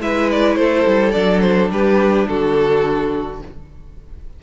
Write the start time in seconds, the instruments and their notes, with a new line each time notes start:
0.00 cello G#3, viola E4, violin B4 E5
0.30 violin D5
0.55 cello A3, violin A4 C5
0.86 cello G3
1.11 cello F#3, viola D4, violin D5
1.40 violin C5
1.70 cello G3, violin G4 B4
2.27 cello D3, violin F#4 A4